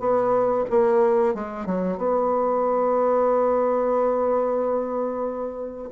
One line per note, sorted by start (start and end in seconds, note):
0.00 0.65 B3
0.71 1.35 A#3
1.35 1.66 G#3
1.66 1.98 F#3
1.98 5.89 B3